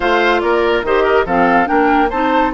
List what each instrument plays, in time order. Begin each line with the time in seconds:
0.00 bassoon A3, clarinet F4, oboe C5, flute F5
0.40 bassoon A#3, oboe A#4, flute D5
0.82 bassoon D#3, clarinet G4, oboe C5, flute D#5
1.03 oboe A#4
1.25 bassoon F3, clarinet C4, oboe A4, flute F5
1.65 bassoon A#3, clarinet D4, oboe A#4, flute G5
2.09 bassoon C4, clarinet D#4, oboe C5, flute A5